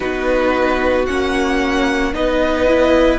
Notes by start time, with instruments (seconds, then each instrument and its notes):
0.00 cello B3, viola D#4, violin F#4 B4
1.06 cello A#3, viola C#4, violin F#5
2.13 cello B3, viola D#4, violin B4 D#5
2.67 viola E4